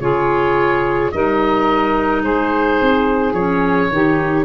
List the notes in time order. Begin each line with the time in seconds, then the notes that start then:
0.00 C#3 F4 G#4 C#5
1.11 G3 D#4 A#4 D#5
2.22 G#3 G#4 C5
2.81 C4
3.32 F3 C#4 C#5
3.91 D#3 D#4 G4